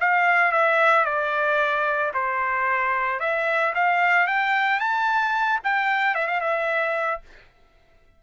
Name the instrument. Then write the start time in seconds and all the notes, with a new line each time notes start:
trumpet
0.00 F5
0.52 E5
1.05 D5
2.14 C5
3.20 E5
3.75 F5
4.27 G5
4.80 A5
5.64 G5
6.15 E5
6.27 F5
6.41 E5